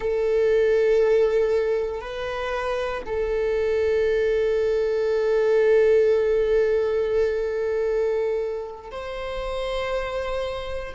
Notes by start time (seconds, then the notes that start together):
0.00 A4
2.01 B4
3.06 A4
8.91 C5